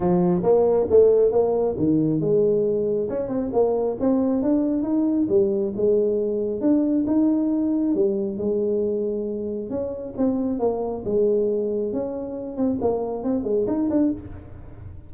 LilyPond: \new Staff \with { instrumentName = "tuba" } { \time 4/4 \tempo 4 = 136 f4 ais4 a4 ais4 | dis4 gis2 cis'8 c'8 | ais4 c'4 d'4 dis'4 | g4 gis2 d'4 |
dis'2 g4 gis4~ | gis2 cis'4 c'4 | ais4 gis2 cis'4~ | cis'8 c'8 ais4 c'8 gis8 dis'8 d'8 | }